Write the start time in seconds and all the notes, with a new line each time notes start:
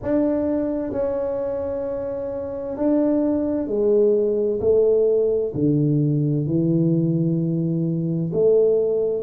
0.02 D4
0.92 C#4
2.77 D4
3.67 G#3
4.60 A3
5.54 D3
6.46 E3
8.32 A3